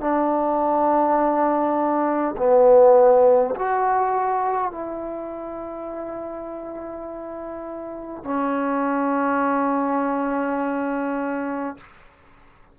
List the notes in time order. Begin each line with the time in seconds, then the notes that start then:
0.00 D4
2.37 B3
3.55 F#4
4.72 E4
8.24 C#4